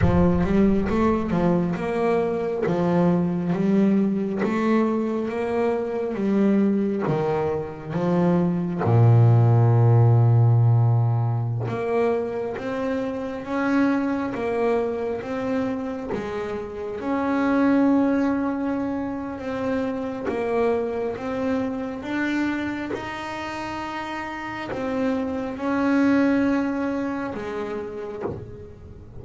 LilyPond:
\new Staff \with { instrumentName = "double bass" } { \time 4/4 \tempo 4 = 68 f8 g8 a8 f8 ais4 f4 | g4 a4 ais4 g4 | dis4 f4 ais,2~ | ais,4~ ais,16 ais4 c'4 cis'8.~ |
cis'16 ais4 c'4 gis4 cis'8.~ | cis'2 c'4 ais4 | c'4 d'4 dis'2 | c'4 cis'2 gis4 | }